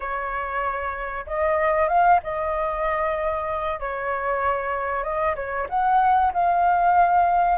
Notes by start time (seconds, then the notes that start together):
0.00 C#5
1.26 D#5
1.88 F5
2.22 D#5
3.80 C#5
5.03 D#5
5.35 C#5
5.69 F#5
6.33 F5